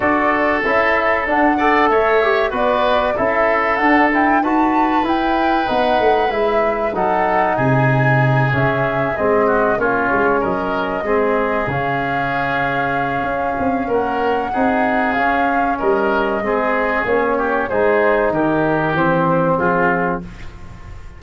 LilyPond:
<<
  \new Staff \with { instrumentName = "flute" } { \time 4/4 \tempo 4 = 95 d''4 e''4 fis''4 e''4 | d''4 e''4 fis''8 g''8 a''4 | g''4 fis''4 e''4 fis''4 | gis''4. e''4 dis''4 cis''8~ |
cis''8 dis''2 f''4.~ | f''2 fis''2 | f''4 dis''2 cis''4 | c''4 ais'4 c''4 gis'4 | }
  \new Staff \with { instrumentName = "oboe" } { \time 4/4 a'2~ a'8 d''8 cis''4 | b'4 a'2 b'4~ | b'2. a'4 | gis'2. fis'8 f'8~ |
f'8 ais'4 gis'2~ gis'8~ | gis'2 ais'4 gis'4~ | gis'4 ais'4 gis'4. g'8 | gis'4 g'2 f'4 | }
  \new Staff \with { instrumentName = "trombone" } { \time 4/4 fis'4 e'4 d'8 a'4 g'8 | fis'4 e'4 d'8 e'8 fis'4 | e'4 dis'4 e'4 dis'4~ | dis'4. cis'4 c'4 cis'8~ |
cis'4. c'4 cis'4.~ | cis'2. dis'4 | cis'2 c'4 cis'4 | dis'2 c'2 | }
  \new Staff \with { instrumentName = "tuba" } { \time 4/4 d'4 cis'4 d'4 a4 | b4 cis'4 d'4 dis'4 | e'4 b8 a8 gis4 fis4 | c4. cis4 gis4 ais8 |
gis8 fis4 gis4 cis4.~ | cis4 cis'8 c'8 ais4 c'4 | cis'4 g4 gis4 ais4 | gis4 dis4 e4 f4 | }
>>